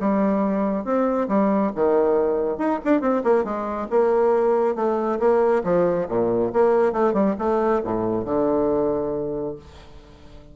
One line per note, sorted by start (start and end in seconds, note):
0.00 0.84 G3
0.84 1.28 C4
1.28 1.72 G3
1.75 2.58 D#3
2.58 2.79 D#4
2.85 3.01 D4
3.01 3.23 C4
3.24 3.44 A#3
3.44 3.88 G#3
3.90 4.75 A#3
4.75 5.19 A3
5.19 5.63 A#3
5.64 6.07 F3
6.09 6.52 A#2
6.53 6.92 A#3
6.92 7.13 A3
7.13 7.35 G3
7.38 7.82 A3
7.84 8.25 A2
8.25 9.55 D3